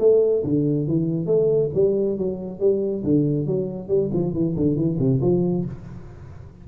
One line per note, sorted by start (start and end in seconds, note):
0.00 0.43 A3
0.44 0.88 D3
0.88 1.27 E3
1.27 1.70 A3
1.75 2.18 G3
2.18 2.60 F#3
2.60 3.04 G3
3.04 3.47 D3
3.47 3.89 F#3
3.89 4.11 G3
4.14 4.34 F3
4.34 4.56 E3
4.57 4.77 D3
4.77 4.98 E3
4.99 5.21 C3
5.22 5.65 F3